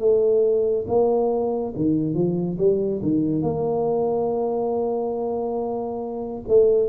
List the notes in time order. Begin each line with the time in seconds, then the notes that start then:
0.00 A3
0.88 A#3
1.76 D#3
2.15 F3
2.58 G3
3.02 D#3
3.43 A#3
6.48 A3